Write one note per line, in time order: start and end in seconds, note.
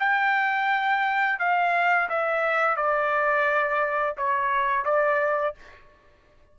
0.00 1.39 G5
1.39 2.09 F5
2.10 2.77 E5
2.77 4.16 D5
4.17 4.85 C#5
4.85 5.55 D5